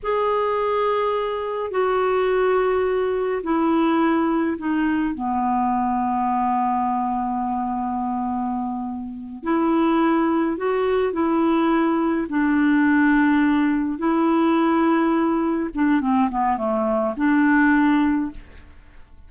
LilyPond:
\new Staff \with { instrumentName = "clarinet" } { \time 4/4 \tempo 4 = 105 gis'2. fis'4~ | fis'2 e'2 | dis'4 b2.~ | b1~ |
b8 e'2 fis'4 e'8~ | e'4. d'2~ d'8~ | d'8 e'2. d'8 | c'8 b8 a4 d'2 | }